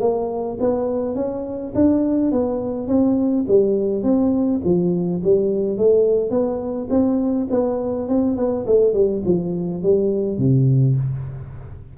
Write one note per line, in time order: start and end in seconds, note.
0.00 0.58 A#3
0.60 1.15 B3
1.15 1.73 C#4
1.75 2.31 D4
2.31 2.87 B3
2.87 3.45 C4
3.48 4.03 G3
4.03 4.61 C4
4.64 5.22 F3
5.23 5.77 G3
5.77 6.30 A3
6.30 6.88 B3
6.90 7.47 C4
7.50 8.08 B3
8.08 8.37 C4
8.37 8.65 B3
8.66 8.93 A3
8.93 9.22 G3
9.25 9.83 F3
9.83 10.38 G3
10.38 10.96 C3